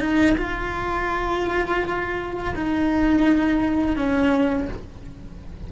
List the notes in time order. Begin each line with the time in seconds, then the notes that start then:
0.00 D#4
0.37 F4
2.55 D#4
3.96 C#4